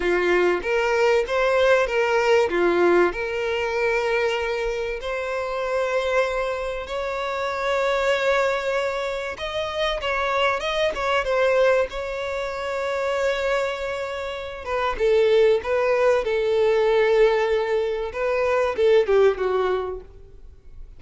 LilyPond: \new Staff \with { instrumentName = "violin" } { \time 4/4 \tempo 4 = 96 f'4 ais'4 c''4 ais'4 | f'4 ais'2. | c''2. cis''4~ | cis''2. dis''4 |
cis''4 dis''8 cis''8 c''4 cis''4~ | cis''2.~ cis''8 b'8 | a'4 b'4 a'2~ | a'4 b'4 a'8 g'8 fis'4 | }